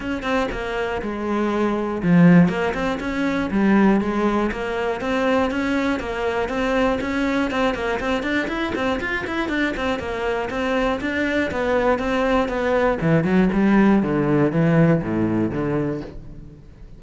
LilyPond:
\new Staff \with { instrumentName = "cello" } { \time 4/4 \tempo 4 = 120 cis'8 c'8 ais4 gis2 | f4 ais8 c'8 cis'4 g4 | gis4 ais4 c'4 cis'4 | ais4 c'4 cis'4 c'8 ais8 |
c'8 d'8 e'8 c'8 f'8 e'8 d'8 c'8 | ais4 c'4 d'4 b4 | c'4 b4 e8 fis8 g4 | d4 e4 a,4 d4 | }